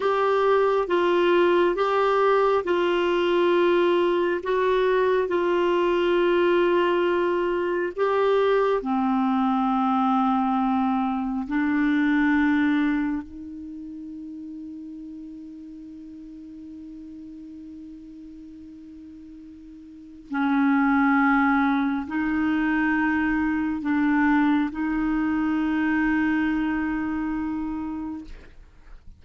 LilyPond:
\new Staff \with { instrumentName = "clarinet" } { \time 4/4 \tempo 4 = 68 g'4 f'4 g'4 f'4~ | f'4 fis'4 f'2~ | f'4 g'4 c'2~ | c'4 d'2 dis'4~ |
dis'1~ | dis'2. cis'4~ | cis'4 dis'2 d'4 | dis'1 | }